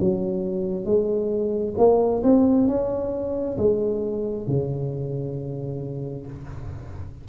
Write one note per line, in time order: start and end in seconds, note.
0.00 0.85 F#3
0.85 1.75 G#3
1.77 2.22 A#3
2.23 2.67 C4
2.67 3.57 C#4
3.58 4.47 G#3
4.47 6.26 C#3